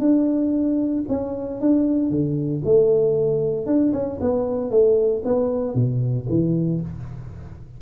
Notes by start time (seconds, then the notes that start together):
0.00 D4
1.09 C#4
1.61 D4
2.10 D3
2.65 A3
3.66 D4
3.93 C#4
4.20 B3
4.71 A3
5.25 B3
5.75 B2
6.29 E3